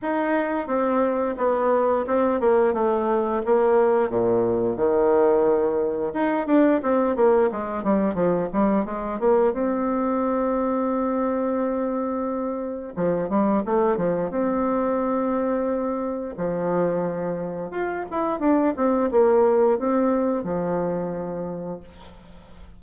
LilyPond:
\new Staff \with { instrumentName = "bassoon" } { \time 4/4 \tempo 4 = 88 dis'4 c'4 b4 c'8 ais8 | a4 ais4 ais,4 dis4~ | dis4 dis'8 d'8 c'8 ais8 gis8 g8 | f8 g8 gis8 ais8 c'2~ |
c'2. f8 g8 | a8 f8 c'2. | f2 f'8 e'8 d'8 c'8 | ais4 c'4 f2 | }